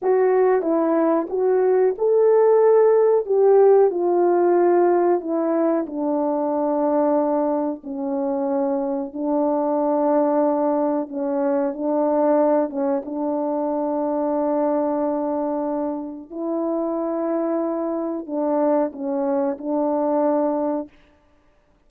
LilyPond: \new Staff \with { instrumentName = "horn" } { \time 4/4 \tempo 4 = 92 fis'4 e'4 fis'4 a'4~ | a'4 g'4 f'2 | e'4 d'2. | cis'2 d'2~ |
d'4 cis'4 d'4. cis'8 | d'1~ | d'4 e'2. | d'4 cis'4 d'2 | }